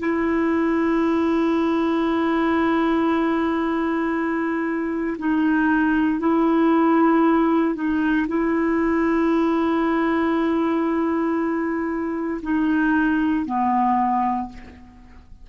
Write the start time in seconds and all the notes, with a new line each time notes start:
0.00 E4
5.19 D#4
6.20 E4
7.75 D#4
8.28 E4
12.43 D#4
13.46 B3